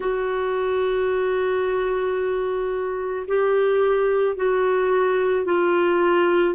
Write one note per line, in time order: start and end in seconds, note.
0.00 3.26 F#4
3.27 4.36 G4
4.36 5.45 F#4
5.45 6.54 F4